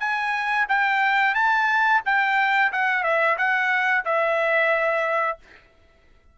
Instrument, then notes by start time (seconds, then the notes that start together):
trumpet
0.00 G#5
0.69 G5
1.35 A5
2.05 G5
2.72 F#5
3.04 E5
3.38 F#5
4.05 E5